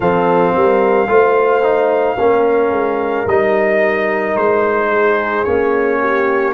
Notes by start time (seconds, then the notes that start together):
0.00 F3 C4 A4 F5
0.55 G3 A#4
1.07 A3 F4 C5
1.62 D#4
2.18 A#3 C#4 A#4
2.71 G#3
3.26 G3 D#4 D#5
4.35 G#3 C5
4.90 G#4
5.43 A#3 C#4 C#5
6.00 G4